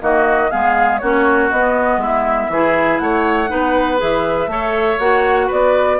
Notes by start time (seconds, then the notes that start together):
0.00 D#3 A#3 F#4 D#5
0.51 G#3 B3 G#4 F5
0.98 A#3 C#4 F#4 C#5
1.50 B3 D#5
1.97 G#3 E4 E5
2.49 E3 E4 G#4
2.98 A3 C#5 F#5
3.48 B3 D#4 B4
3.98 E3 G#4 E5
4.47 A3 A4 C#5
4.99 A#3 F#4 F#5
5.47 B3 B4 D5